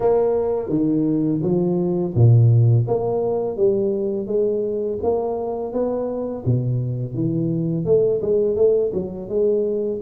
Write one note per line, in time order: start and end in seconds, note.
0.00 0.69 A#3
0.69 1.40 D#3
1.42 2.13 F3
2.14 2.86 A#2
2.87 3.56 A#3
3.56 4.27 G3
4.27 4.98 G#3
5.02 5.72 A#3
5.72 6.44 B3
6.45 7.14 B2
7.14 7.85 E3
7.85 8.20 A3
8.21 8.56 G#3
8.56 8.91 A3
8.93 9.28 F#3
9.28 10.00 G#3